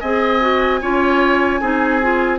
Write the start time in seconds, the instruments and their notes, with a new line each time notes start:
0.00 bassoon C4, clarinet G#4, oboe D#5, flute G#5
0.41 clarinet F#4
0.82 bassoon C#4, clarinet F4, oboe C#5
1.61 bassoon C4, clarinet D#4, oboe G#4
2.02 clarinet F4